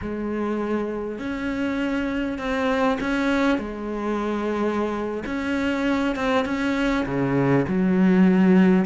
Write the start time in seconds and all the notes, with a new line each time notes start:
0.01 G#3
1.18 C#4
2.38 C4
3.00 C#4
3.58 G#3
5.26 C#4
6.15 C4
6.45 C#4
7.05 C#3
7.67 F#3